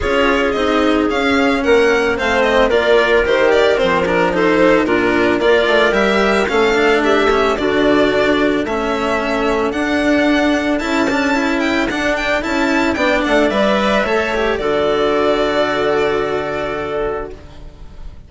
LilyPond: <<
  \new Staff \with { instrumentName = "violin" } { \time 4/4 \tempo 4 = 111 cis''4 dis''4 f''4 fis''4 | f''8 dis''8 d''4 c''8 d''8 c''8 ais'8 | c''4 ais'4 d''4 e''4 | f''4 e''4 d''2 |
e''2 fis''2 | a''4. g''8 fis''8 g''8 a''4 | g''8 fis''8 e''2 d''4~ | d''1 | }
  \new Staff \with { instrumentName = "clarinet" } { \time 4/4 gis'2. ais'4 | c''4 ais'2. | a'4 f'4 ais'2 | a'4 g'4 fis'2 |
a'1~ | a'1 | d''2 cis''4 a'4~ | a'1 | }
  \new Staff \with { instrumentName = "cello" } { \time 4/4 f'4 dis'4 cis'2 | c'4 f'4 g'4 c'8 d'8 | dis'4 d'4 f'4 g'4 | cis'8 d'4 cis'8 d'2 |
cis'2 d'2 | e'8 d'8 e'4 d'4 e'4 | d'4 b'4 a'8 g'8 fis'4~ | fis'1 | }
  \new Staff \with { instrumentName = "bassoon" } { \time 4/4 cis'4 c'4 cis'4 ais4 | a4 ais4 dis4 f4~ | f4 ais,4 ais8 a8 g4 | a2 d2 |
a2 d'2 | cis'2 d'4 cis'4 | b8 a8 g4 a4 d4~ | d1 | }
>>